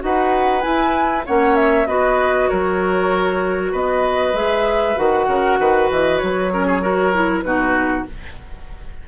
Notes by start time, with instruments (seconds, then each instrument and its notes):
0.00 bassoon D#4, clarinet F#4, oboe B4, flute F#5
0.61 clarinet E4, bassoon E4, flute G#5
1.26 bassoon A#3, clarinet C#4, oboe C#5, flute F#5
1.56 flute E5
1.87 bassoon B3, clarinet F#4, oboe B4, flute D#5
2.49 bassoon F#3, oboe A#4, flute C#5
3.72 bassoon B3, oboe B4, flute D#5
4.34 bassoon G#3, clarinet G#4, flute E5
4.97 bassoon D#3, clarinet F#4, flute F#5
5.27 bassoon C#3, oboe A#4
5.60 bassoon D#3, oboe B4
5.91 bassoon E3, flute D#5
6.18 bassoon F#3, flute C#5
6.52 clarinet C#4, oboe A#4
6.67 oboe G#4
6.81 clarinet F#4, oboe A#4
7.14 clarinet E4
7.42 bassoon B2, clarinet D#4, oboe F#4, flute B4